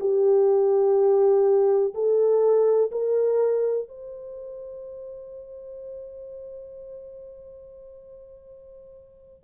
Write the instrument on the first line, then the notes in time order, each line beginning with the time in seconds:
horn
0.00 G4
1.94 A4
2.91 A#4
3.88 C5